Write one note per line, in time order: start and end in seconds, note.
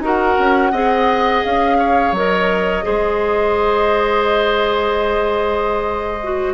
0.00 0.35 D#4
0.00 0.73 F#4
0.00 0.72 A#4
0.06 1.45 F#5
0.39 0.72 C#4
0.72 1.43 C4
0.72 2.15 G#4
0.72 1.77 D#5
1.45 2.12 C#4
1.45 2.15 F5
1.79 2.85 C#5
2.12 2.83 F#3
2.12 2.83 A#4
2.12 6.54 D#5
2.83 6.54 G#3
2.83 6.18 G#4
2.83 6.54 C5
6.23 6.54 F#4